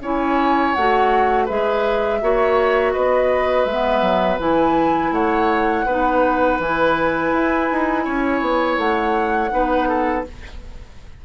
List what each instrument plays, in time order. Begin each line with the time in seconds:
0.00 bassoon C#4, clarinet E4, oboe C#5, flute G#5
0.73 bassoon A3, clarinet F#4, flute F#5
1.45 bassoon G#3, clarinet G#4, oboe B4, flute E5
2.21 bassoon A#3, clarinet F#4, oboe C#5
2.93 bassoon B3, oboe B4, flute D#5
3.64 bassoon G#3, clarinet B3, flute E5
4.01 bassoon F#3
4.39 bassoon E3, clarinet E4, flute G#5
5.11 bassoon A3, oboe C#5, flute F#5
5.85 bassoon B3, clarinet D#4, oboe B4
6.59 bassoon E3, clarinet E4, flute G#5
7.32 bassoon E4
7.71 bassoon D#4
8.04 bassoon C#4, oboe C#5
8.41 bassoon B3
8.77 bassoon A3, flute F#5
9.51 bassoon B3, clarinet D#4, oboe B4
9.88 oboe A4